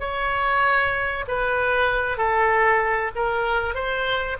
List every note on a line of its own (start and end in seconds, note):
0.00 1.25 C#5
1.28 2.18 B4
2.18 3.11 A4
3.15 3.75 A#4
3.75 4.37 C5